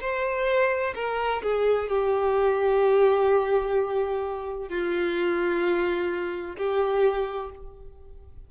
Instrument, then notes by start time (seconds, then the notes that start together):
violin
0.00 C5
0.95 A#4
1.42 G#4
1.88 G4
4.68 F4
6.56 G4